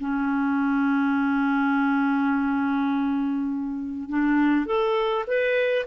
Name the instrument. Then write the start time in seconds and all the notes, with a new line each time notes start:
clarinet
0.00 C#4
4.09 D4
4.66 A4
5.27 B4